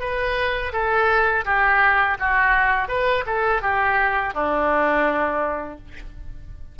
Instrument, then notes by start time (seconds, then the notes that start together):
oboe
0.00 B4
0.73 A4
1.45 G4
2.19 F#4
2.88 B4
3.26 A4
3.62 G4
4.34 D4